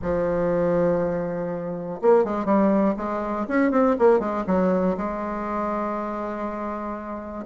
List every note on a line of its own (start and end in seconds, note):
0.02 2.00 F3
2.01 2.24 A#3
2.24 2.45 G#3
2.45 2.94 G3
2.96 3.46 G#3
3.48 3.71 C#4
3.71 3.96 C4
3.98 4.19 A#3
4.19 4.44 G#3
4.47 4.96 F#3
4.97 7.45 G#3